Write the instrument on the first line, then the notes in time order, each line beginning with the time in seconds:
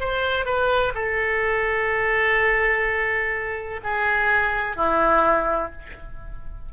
oboe
0.00 C5
0.46 B4
0.95 A4
3.84 G#4
4.77 E4